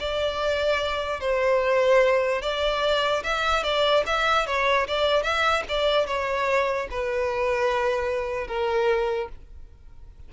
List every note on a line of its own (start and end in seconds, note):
0.00 1.21 D5
1.21 2.42 C5
2.42 3.23 D5
3.24 3.63 E5
3.63 4.04 D5
4.07 4.47 E5
4.47 4.87 C#5
4.87 5.23 D5
5.23 5.64 E5
5.69 6.07 D5
6.07 6.88 C#5
6.91 8.47 B4
8.47 9.28 A#4